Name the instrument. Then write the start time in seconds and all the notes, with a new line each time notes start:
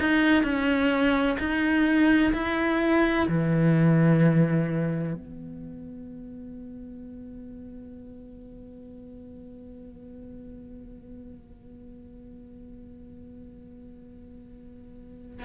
cello
0.00 D#4
0.43 C#4
1.39 D#4
2.33 E4
3.28 E3
5.14 B3